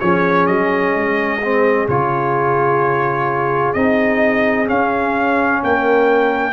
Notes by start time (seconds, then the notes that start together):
0.00 F3 C#4 G#4 C#5
0.47 F#3 D#5
0.95 G#3
1.43 C4
1.89 C#3 F4 C#5
3.74 C4 D#4 D#5
4.67 C#4 F5
5.63 A#3 A#4 G5